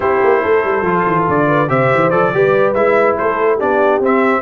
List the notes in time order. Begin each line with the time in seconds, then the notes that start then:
0.00 C4 E4 G4 C5
0.23 A#3
0.42 A3 A4
0.64 G3
0.82 F3 F4
1.06 E3
1.28 D3 D5
1.47 B4
1.68 C3 G4 C5 E5
1.94 E3
2.10 F3 A4 D5
2.34 G3 G4 B4
2.74 G#3 E4 E5
3.17 A3 A4 C5
3.55 D4 G4 D5
3.61 B3
3.99 C4 E5